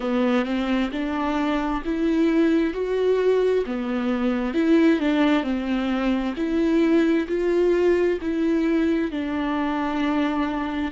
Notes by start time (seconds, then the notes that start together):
0.00 B3
0.45 C4
0.91 D4
1.84 E4
2.73 F#4
3.66 B3
4.54 E4
4.99 D4
5.43 C4
6.36 E4
7.28 F4
8.21 E4
9.11 D4